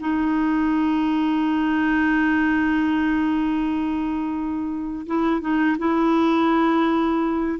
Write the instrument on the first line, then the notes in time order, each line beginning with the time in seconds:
clarinet
0.00 D#4
5.06 E4
5.41 D#4
5.78 E4